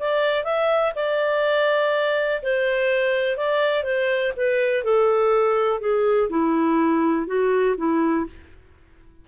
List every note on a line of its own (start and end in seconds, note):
0.00 0.44 D5
0.44 0.93 E5
0.95 2.42 D5
2.43 3.37 C5
3.37 3.84 D5
3.84 4.33 C5
4.37 4.84 B4
4.84 5.81 A4
5.81 6.29 G#4
6.30 7.27 E4
7.27 7.76 F#4
7.77 8.26 E4